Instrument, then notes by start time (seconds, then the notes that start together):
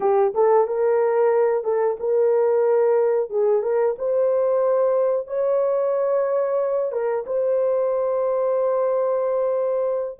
horn
0.00 G4
0.34 A4
0.67 A#4
1.64 A4
1.99 A#4
3.30 G#4
3.62 A#4
3.98 C5
5.27 C#5
6.92 A#4
7.26 C5